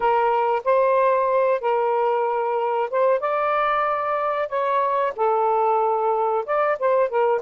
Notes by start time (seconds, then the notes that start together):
0.00 A#4
0.64 C5
1.60 A#4
2.90 C5
3.20 D5
4.48 C#5
5.16 A4
6.45 D5
6.79 C5
7.09 A#4